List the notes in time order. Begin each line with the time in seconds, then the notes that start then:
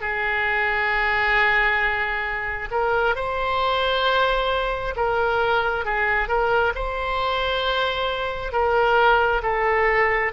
0.00 G#4
2.71 A#4
3.15 C5
4.96 A#4
5.85 G#4
6.28 A#4
6.74 C5
8.52 A#4
9.42 A4